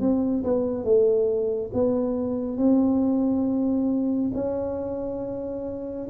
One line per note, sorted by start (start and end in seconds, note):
0.00 0.43 C4
0.44 0.84 B3
0.84 1.71 A3
1.73 2.57 B3
2.57 4.31 C4
4.34 6.08 C#4